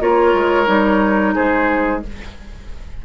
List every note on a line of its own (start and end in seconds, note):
0.00 0.34 A#3
0.00 0.66 F4
0.00 1.35 A#4
0.00 1.35 C#5
0.34 0.68 G#3
0.66 1.36 G3
0.66 2.02 D#4
1.35 2.05 G#3
1.35 2.03 G#4
1.35 2.03 C5